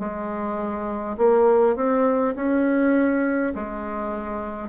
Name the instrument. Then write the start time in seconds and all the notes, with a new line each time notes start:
bassoon
0.00 G#3
1.18 A#3
1.76 C4
2.36 C#4
3.56 G#3